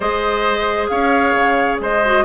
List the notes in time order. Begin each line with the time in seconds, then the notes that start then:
0.00 G#3 G#4 C5 D#5
0.88 C#4 C#5 F5
1.33 C#3
1.80 G#3 C5 D#5
2.04 F#4